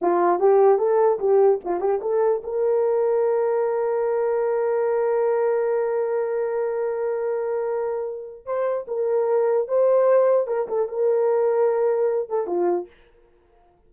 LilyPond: \new Staff \with { instrumentName = "horn" } { \time 4/4 \tempo 4 = 149 f'4 g'4 a'4 g'4 | f'8 g'8 a'4 ais'2~ | ais'1~ | ais'1~ |
ais'1~ | ais'4 c''4 ais'2 | c''2 ais'8 a'8 ais'4~ | ais'2~ ais'8 a'8 f'4 | }